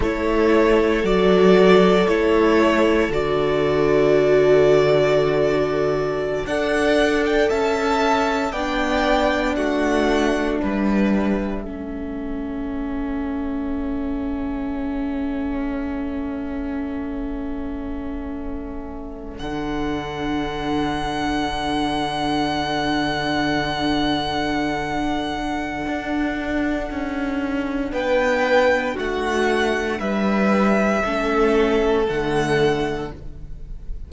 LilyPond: <<
  \new Staff \with { instrumentName = "violin" } { \time 4/4 \tempo 4 = 58 cis''4 d''4 cis''4 d''4~ | d''2~ d''16 fis''8. g''16 a''8.~ | a''16 g''4 fis''4 e''4.~ e''16~ | e''1~ |
e''2~ e''8. fis''4~ fis''16~ | fis''1~ | fis''2. g''4 | fis''4 e''2 fis''4 | }
  \new Staff \with { instrumentName = "violin" } { \time 4/4 a'1~ | a'2~ a'16 d''4 e''8.~ | e''16 d''4 fis'4 b'4 a'8.~ | a'1~ |
a'1~ | a'1~ | a'2. b'4 | fis'4 b'4 a'2 | }
  \new Staff \with { instrumentName = "viola" } { \time 4/4 e'4 fis'4 e'4 fis'4~ | fis'2~ fis'16 a'4.~ a'16~ | a'16 d'2. cis'8.~ | cis'1~ |
cis'2~ cis'8. d'4~ d'16~ | d'1~ | d'1~ | d'2 cis'4 a4 | }
  \new Staff \with { instrumentName = "cello" } { \time 4/4 a4 fis4 a4 d4~ | d2~ d16 d'4 cis'8.~ | cis'16 b4 a4 g4 a8.~ | a1~ |
a2~ a8. d4~ d16~ | d1~ | d4 d'4 cis'4 b4 | a4 g4 a4 d4 | }
>>